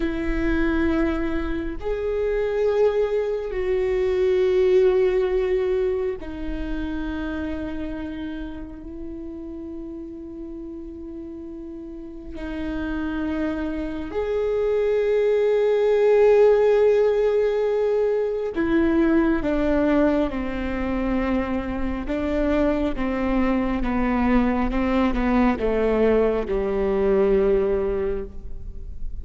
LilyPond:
\new Staff \with { instrumentName = "viola" } { \time 4/4 \tempo 4 = 68 e'2 gis'2 | fis'2. dis'4~ | dis'2 e'2~ | e'2 dis'2 |
gis'1~ | gis'4 e'4 d'4 c'4~ | c'4 d'4 c'4 b4 | c'8 b8 a4 g2 | }